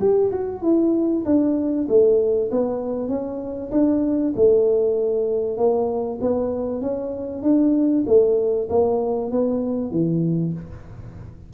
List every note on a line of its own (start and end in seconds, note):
0.00 0.31 G4
0.31 0.62 F#4
0.62 1.23 E4
1.25 1.87 D4
1.88 2.50 A3
2.51 3.08 B3
3.08 3.70 C#4
3.71 4.33 D4
4.35 5.57 A3
5.57 6.19 A#3
6.21 6.81 B3
6.81 7.42 C#4
7.42 8.04 D4
8.06 8.68 A3
8.69 9.31 A#3
9.31 9.91 B3
9.91 10.53 E3